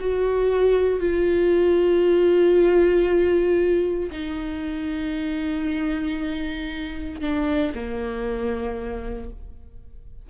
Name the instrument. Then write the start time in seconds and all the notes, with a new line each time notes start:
viola
0.00 F#4
1.00 F4
4.11 D#4
7.21 D4
7.75 A#3